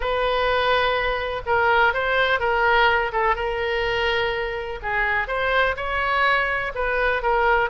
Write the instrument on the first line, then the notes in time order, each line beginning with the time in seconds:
oboe
0.00 B4
1.46 A#4
1.93 C5
2.39 A#4
3.12 A4
3.35 A#4
4.82 G#4
5.27 C5
5.76 C#5
6.74 B4
7.22 A#4